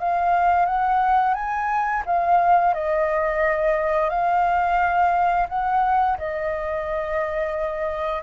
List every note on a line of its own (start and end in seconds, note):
0.00 0.66 F5
0.66 1.34 F#5
1.34 2.03 G#5
2.06 2.74 F5
2.74 4.10 D#5
4.10 5.48 F5
5.49 6.18 F#5
6.18 8.23 D#5